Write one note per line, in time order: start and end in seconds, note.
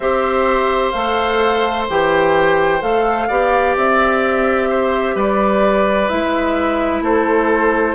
0.00 0.92 C4
0.00 0.94 G4
0.00 3.28 C5
0.00 0.90 E5
0.90 1.88 A3
0.90 1.87 A4
0.90 1.84 F5
1.88 2.82 E3
1.88 2.80 G4
1.88 2.81 G5
2.80 3.29 A3
2.80 3.27 A4
2.80 3.75 F5
3.28 3.76 B3
3.28 6.09 G4
3.28 4.68 D5
3.76 5.15 C4
3.76 5.17 E5
4.69 5.15 C5
5.15 6.09 G3
5.15 7.02 B4
5.15 6.08 D5
6.08 7.01 G#3
6.08 7.94 E4
6.08 7.02 E5
7.01 7.94 A3
7.01 7.94 A4
7.01 7.94 C5